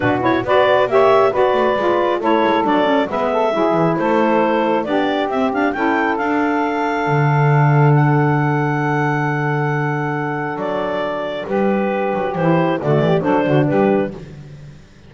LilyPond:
<<
  \new Staff \with { instrumentName = "clarinet" } { \time 4/4 \tempo 4 = 136 b'8 cis''8 d''4 e''4 d''4~ | d''4 cis''4 d''4 e''4~ | e''4 c''2 d''4 | e''8 f''8 g''4 f''2~ |
f''2 fis''2~ | fis''1 | d''2 b'2 | c''4 d''4 c''4 b'4 | }
  \new Staff \with { instrumentName = "saxophone" } { \time 4/4 fis'4 b'4 cis''4 b'4~ | b'4 a'2 b'8 a'8 | gis'4 a'2 g'4~ | g'4 a'2.~ |
a'1~ | a'1~ | a'2 g'2~ | g'4 fis'8 g'8 a'8 fis'8 g'4 | }
  \new Staff \with { instrumentName = "saxophone" } { \time 4/4 d'8 e'8 fis'4 g'4 fis'4 | f'4 e'4 d'8 cis'8 b4 | e'2. d'4 | c'8 d'8 e'4 d'2~ |
d'1~ | d'1~ | d'1 | e'4 a4 d'2 | }
  \new Staff \with { instrumentName = "double bass" } { \time 4/4 b,4 b4 ais4 b8 a8 | gis4 a8 gis8 fis4 gis4 | fis8 e8 a2 b4 | c'4 cis'4 d'2 |
d1~ | d1 | fis2 g4. fis8 | e4 d8 e8 fis8 d8 g4 | }
>>